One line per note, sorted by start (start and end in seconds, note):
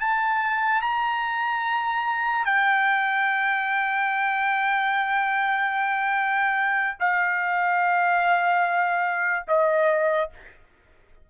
0.00 0.81 A5
0.81 2.45 A#5
2.45 6.97 G5
6.99 9.46 F5
9.48 10.30 D#5